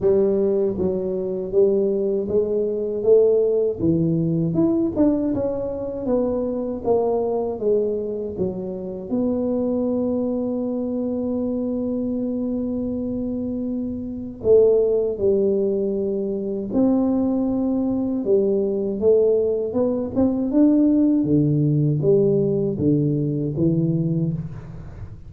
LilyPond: \new Staff \with { instrumentName = "tuba" } { \time 4/4 \tempo 4 = 79 g4 fis4 g4 gis4 | a4 e4 e'8 d'8 cis'4 | b4 ais4 gis4 fis4 | b1~ |
b2. a4 | g2 c'2 | g4 a4 b8 c'8 d'4 | d4 g4 d4 e4 | }